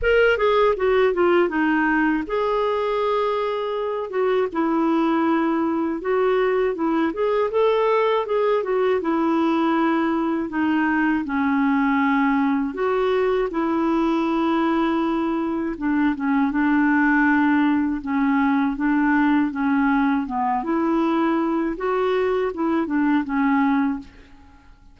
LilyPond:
\new Staff \with { instrumentName = "clarinet" } { \time 4/4 \tempo 4 = 80 ais'8 gis'8 fis'8 f'8 dis'4 gis'4~ | gis'4. fis'8 e'2 | fis'4 e'8 gis'8 a'4 gis'8 fis'8 | e'2 dis'4 cis'4~ |
cis'4 fis'4 e'2~ | e'4 d'8 cis'8 d'2 | cis'4 d'4 cis'4 b8 e'8~ | e'4 fis'4 e'8 d'8 cis'4 | }